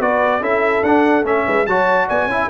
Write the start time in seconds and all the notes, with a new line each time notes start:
0.00 B3 F#4 B4 D5
0.41 C#4 E4 A4 E5
0.83 D4 F#5
1.24 A3 C#4 E5
1.47 G#3 B4
1.67 F#3 F#4 C#5 A5
2.07 B3 D5 G#5
2.26 C#4 E4 E5